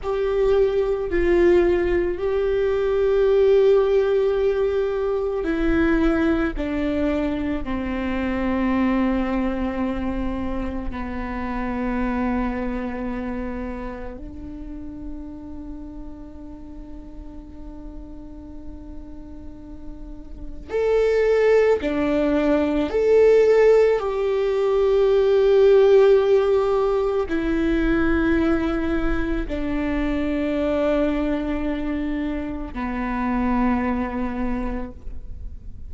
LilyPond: \new Staff \with { instrumentName = "viola" } { \time 4/4 \tempo 4 = 55 g'4 f'4 g'2~ | g'4 e'4 d'4 c'4~ | c'2 b2~ | b4 d'2.~ |
d'2. a'4 | d'4 a'4 g'2~ | g'4 e'2 d'4~ | d'2 b2 | }